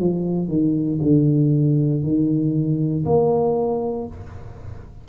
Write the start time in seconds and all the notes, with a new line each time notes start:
0.00 F3
0.48 D#3
1.02 D3
2.03 D#3
3.06 A#3